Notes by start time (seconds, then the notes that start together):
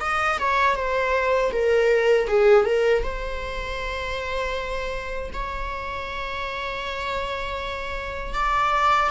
0.00 D#5
0.38 C#5
0.76 C5
1.52 A#4
2.28 G#4
2.65 A#4
3.03 C5
5.33 C#5
8.34 D5